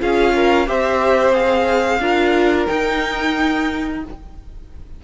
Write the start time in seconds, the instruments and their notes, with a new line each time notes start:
0.00 cello C#4, viola F4, violin G#4 F5
0.35 violin A#4
0.67 cello C4, viola G4, violin C5 E5
1.33 viola G#4, violin F5
2.00 cello D4, viola F4, violin A#4
2.67 viola D#4, cello D#4, violin G5